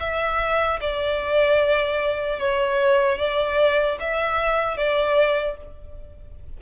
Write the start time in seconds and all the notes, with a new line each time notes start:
0.00 E5
0.81 D5
2.40 C#5
3.19 D5
4.00 E5
4.77 D5